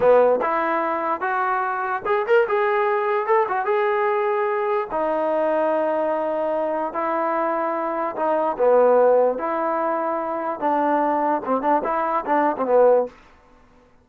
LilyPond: \new Staff \with { instrumentName = "trombone" } { \time 4/4 \tempo 4 = 147 b4 e'2 fis'4~ | fis'4 gis'8 ais'8 gis'2 | a'8 fis'8 gis'2. | dis'1~ |
dis'4 e'2. | dis'4 b2 e'4~ | e'2 d'2 | c'8 d'8 e'4 d'8. c'16 b4 | }